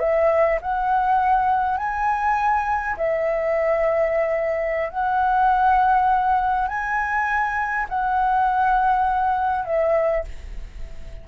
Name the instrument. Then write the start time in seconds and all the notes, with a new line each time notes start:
flute
0.00 E5
0.62 F#5
1.78 G#5
2.97 E5
4.90 F#5
6.68 G#5
7.89 F#5
9.65 E5